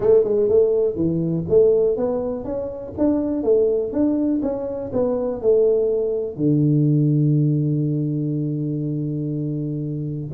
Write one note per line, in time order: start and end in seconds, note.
0.00 0.24 A3
0.24 0.48 G#3
0.48 0.95 A3
0.95 1.44 E3
1.49 1.96 A3
1.96 2.44 B3
2.44 2.93 C#4
2.98 3.43 D4
3.43 3.92 A3
3.92 4.41 D4
4.42 4.91 C#4
4.92 5.41 B3
5.41 6.36 A3
6.36 10.29 D3